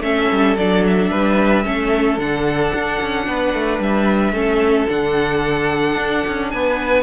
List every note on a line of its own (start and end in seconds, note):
0.00 0.27 A3
0.00 0.57 C#4
0.00 1.11 A4
0.00 0.57 E5
0.32 0.57 G3
0.57 1.11 F#3
0.57 1.64 D4
0.57 0.85 D5
0.87 2.19 E5
1.11 1.65 G3
1.11 1.64 B4
1.64 2.18 A3
1.64 2.18 C#4
1.64 3.27 A4
2.18 2.72 D3
2.18 4.34 D4
2.18 3.82 F#5
2.74 3.01 D4
3.01 3.27 C#4
3.27 3.54 B3
3.27 4.34 B4
3.54 3.80 A3
3.80 4.33 G3
3.80 4.89 E5
4.33 4.87 A3
4.33 4.88 C#4
4.33 6.50 A4
4.88 5.97 D3
4.88 7.03 D4
4.88 6.51 F#5
5.97 6.24 D4
6.27 6.53 C#4
6.51 7.03 B3
6.51 7.03 B4
6.51 7.03 G#5